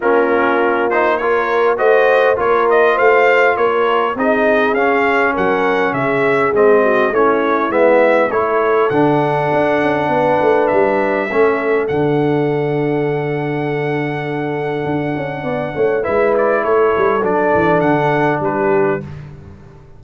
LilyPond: <<
  \new Staff \with { instrumentName = "trumpet" } { \time 4/4 \tempo 4 = 101 ais'4. c''8 cis''4 dis''4 | cis''8 dis''8 f''4 cis''4 dis''4 | f''4 fis''4 e''4 dis''4 | cis''4 e''4 cis''4 fis''4~ |
fis''2 e''2 | fis''1~ | fis''2. e''8 d''8 | cis''4 d''4 fis''4 b'4 | }
  \new Staff \with { instrumentName = "horn" } { \time 4/4 f'2 ais'4 c''4 | ais'4 c''4 ais'4 gis'4~ | gis'4 ais'4 gis'4. fis'8 | e'2 a'2~ |
a'4 b'2 a'4~ | a'1~ | a'2 d''8 cis''8 b'4 | a'2. g'4 | }
  \new Staff \with { instrumentName = "trombone" } { \time 4/4 cis'4. dis'8 f'4 fis'4 | f'2. dis'4 | cis'2. c'4 | cis'4 b4 e'4 d'4~ |
d'2. cis'4 | d'1~ | d'2. e'4~ | e'4 d'2. | }
  \new Staff \with { instrumentName = "tuba" } { \time 4/4 ais2. a4 | ais4 a4 ais4 c'4 | cis'4 fis4 cis4 gis4 | a4 gis4 a4 d4 |
d'8 cis'8 b8 a8 g4 a4 | d1~ | d4 d'8 cis'8 b8 a8 gis4 | a8 g8 fis8 e8 d4 g4 | }
>>